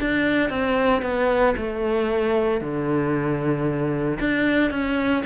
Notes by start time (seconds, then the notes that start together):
0.00 D4
0.50 C4
1.02 B3
1.56 A3
2.61 D3
4.20 D4
4.71 C#4